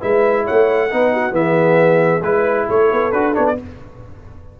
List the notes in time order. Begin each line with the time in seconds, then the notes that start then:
0.00 G#3 E4 B4 E5
0.44 C#5 F#5
0.51 A3
0.90 B3 D#4 B4
1.13 F#4
1.31 E3 B3 G#4 E5
2.22 G#3 E4 B4
2.69 A3 A4 C#5
2.92 B3
3.12 D4 F#4 B4
3.32 B3 D4 C#5
3.47 D5